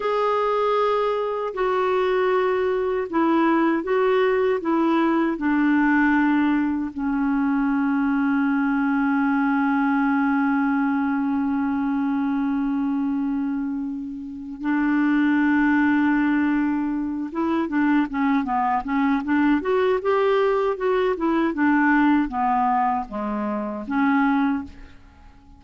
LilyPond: \new Staff \with { instrumentName = "clarinet" } { \time 4/4 \tempo 4 = 78 gis'2 fis'2 | e'4 fis'4 e'4 d'4~ | d'4 cis'2.~ | cis'1~ |
cis'2. d'4~ | d'2~ d'8 e'8 d'8 cis'8 | b8 cis'8 d'8 fis'8 g'4 fis'8 e'8 | d'4 b4 gis4 cis'4 | }